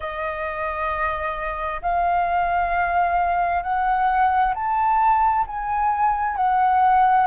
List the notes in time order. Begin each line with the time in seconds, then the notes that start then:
0.00 D#5
1.81 F5
3.62 F#5
4.54 A5
5.47 G#5
6.36 F#5